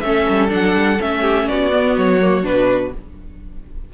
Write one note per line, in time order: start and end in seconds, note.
0.00 0.26 A3
0.00 0.48 C#4
0.00 0.48 E5
0.06 1.21 A4
0.29 0.53 G3
0.48 0.74 F#3
0.48 0.96 D4
0.48 1.01 F#5
0.74 0.98 G3
0.99 1.49 A3
0.99 1.71 C#4
0.99 1.48 E5
1.21 1.45 G4
1.48 1.97 B3
1.48 2.93 F#4
1.48 1.96 D5
1.72 2.20 B3
1.97 2.44 F#3
1.97 2.45 C#5
2.21 2.43 A#3
2.43 2.92 B2
2.43 2.91 D4
2.43 2.93 B4